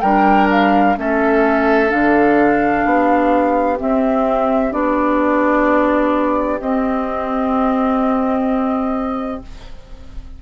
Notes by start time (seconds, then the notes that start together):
0.00 G3 D4 A#4 G5
0.50 F5
0.96 A3 C#4 A4 E5
1.88 D3 D4 F5
2.84 B3 G4
3.76 C4 E5
4.70 B3 D4 D5
6.60 C4 D#5